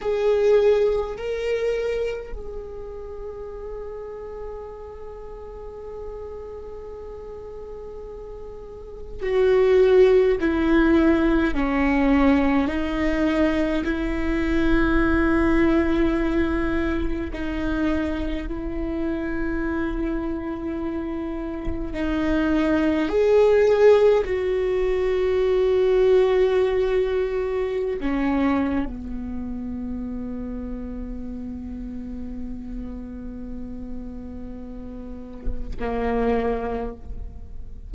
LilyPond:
\new Staff \with { instrumentName = "viola" } { \time 4/4 \tempo 4 = 52 gis'4 ais'4 gis'2~ | gis'1 | fis'4 e'4 cis'4 dis'4 | e'2. dis'4 |
e'2. dis'4 | gis'4 fis'2.~ | fis'16 cis'8. b2.~ | b2. ais4 | }